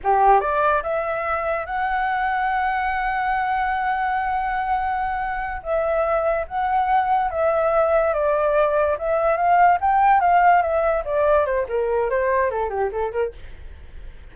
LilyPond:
\new Staff \with { instrumentName = "flute" } { \time 4/4 \tempo 4 = 144 g'4 d''4 e''2 | fis''1~ | fis''1~ | fis''4. e''2 fis''8~ |
fis''4. e''2 d''8~ | d''4. e''4 f''4 g''8~ | g''8 f''4 e''4 d''4 c''8 | ais'4 c''4 a'8 g'8 a'8 ais'8 | }